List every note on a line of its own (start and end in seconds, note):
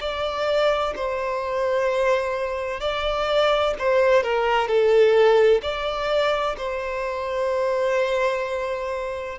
0.00 0.94 D5
0.96 2.80 C5
2.80 3.74 D5
3.78 4.23 C5
4.23 4.67 A#4
4.67 5.61 A4
5.62 6.56 D5
6.57 9.38 C5